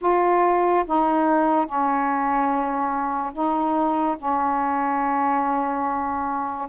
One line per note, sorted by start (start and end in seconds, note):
0.01 0.84 F4
0.86 1.66 D#4
1.66 3.32 C#4
3.33 4.16 D#4
4.18 6.68 C#4